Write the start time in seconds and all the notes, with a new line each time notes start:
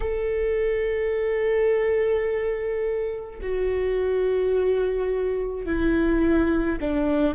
0.00 A4
3.41 F#4
5.65 E4
6.80 D4